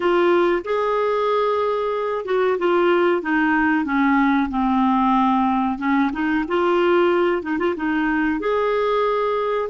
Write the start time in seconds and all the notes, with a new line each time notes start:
0.00 F4
0.64 G#4
2.25 F#4
2.58 F4
3.22 D#4
3.84 C#4
4.50 C4
5.78 C#4
6.12 D#4
6.48 F4
7.42 D#4
7.58 F4
7.76 D#4
8.40 G#4